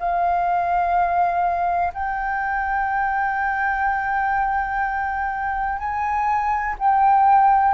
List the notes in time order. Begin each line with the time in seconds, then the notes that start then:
0.00 F5
1.94 G5
5.79 G#5
6.79 G5